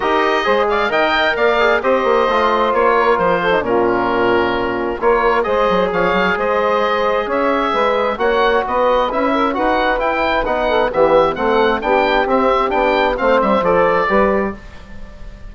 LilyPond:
<<
  \new Staff \with { instrumentName = "oboe" } { \time 4/4 \tempo 4 = 132 dis''4. f''8 g''4 f''4 | dis''2 cis''4 c''4 | ais'2. cis''4 | dis''4 f''4 dis''2 |
e''2 fis''4 dis''4 | e''4 fis''4 g''4 fis''4 | e''4 fis''4 g''4 e''4 | g''4 f''8 e''8 d''2 | }
  \new Staff \with { instrumentName = "saxophone" } { \time 4/4 ais'4 c''8 d''8 dis''4 d''4 | c''2~ c''8 ais'4 a'8 | f'2. ais'4 | c''4 cis''4 c''2 |
cis''4 b'4 cis''4 b'4~ | b'8 ais'8 b'2~ b'8 a'8 | g'4 a'4 g'2~ | g'4 c''2 b'4 | }
  \new Staff \with { instrumentName = "trombone" } { \time 4/4 g'4 gis'4 ais'4. gis'8 | g'4 f'2~ f'8. dis'16 | cis'2. f'4 | gis'1~ |
gis'2 fis'2 | e'4 fis'4 e'4 dis'4 | b4 c'4 d'4 c'4 | d'4 c'4 a'4 g'4 | }
  \new Staff \with { instrumentName = "bassoon" } { \time 4/4 dis'4 gis4 dis4 ais4 | c'8 ais8 a4 ais4 f4 | ais,2. ais4 | gis8 fis8 f8 fis8 gis2 |
cis'4 gis4 ais4 b4 | cis'4 dis'4 e'4 b4 | e4 a4 b4 c'4 | b4 a8 g8 f4 g4 | }
>>